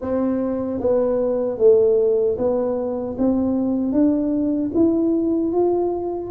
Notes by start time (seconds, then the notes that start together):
0.01 C4
0.79 B3
1.58 A3
2.38 B3
3.18 C4
3.92 D4
4.74 E4
5.52 F4